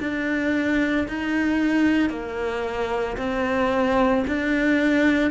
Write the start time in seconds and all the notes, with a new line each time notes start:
0.00 D4
1.08 D#4
2.09 A#3
3.17 C4
4.27 D4